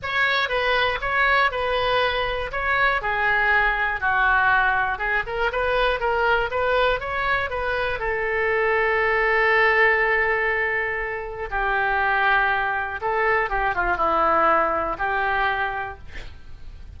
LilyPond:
\new Staff \with { instrumentName = "oboe" } { \time 4/4 \tempo 4 = 120 cis''4 b'4 cis''4 b'4~ | b'4 cis''4 gis'2 | fis'2 gis'8 ais'8 b'4 | ais'4 b'4 cis''4 b'4 |
a'1~ | a'2. g'4~ | g'2 a'4 g'8 f'8 | e'2 g'2 | }